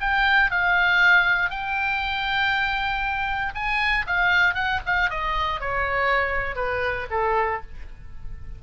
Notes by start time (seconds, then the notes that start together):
0.00 G5
0.50 F5
1.50 G5
3.54 G#5
4.06 F5
4.54 F#5
4.85 F5
5.09 D#5
5.60 C#5
6.55 B4
7.10 A4